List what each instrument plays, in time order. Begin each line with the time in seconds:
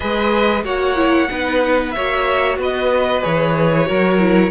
0.00 cello G#3, viola G#4, violin B4 D#5
0.63 cello A#3, viola F#4, violin C#5 F#5
0.95 viola E4
1.28 cello B3, viola D#4, violin B4
1.90 viola F#4, violin C#5 E5
1.97 cello A#3
2.58 cello B3, violin B4 D#5
3.21 cello E3, viola G#4, violin C#5
3.85 cello F#3, viola F#4, violin A#4
4.19 viola E4